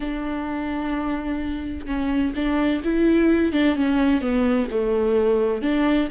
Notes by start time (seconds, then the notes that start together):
0.00 D4
1.86 C#4
2.35 D4
2.84 E4
3.52 D4
3.75 C#4
4.21 B3
4.70 A3
5.62 D4